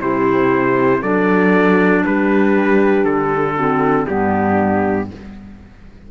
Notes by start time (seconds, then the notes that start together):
0.00 C3 E4 G4 C5
1.01 F#3 D4 A4 D5
2.05 G3 G4 B4
3.04 D3 A4
3.56 C4 F#4
4.04 G2 B3 D4 G4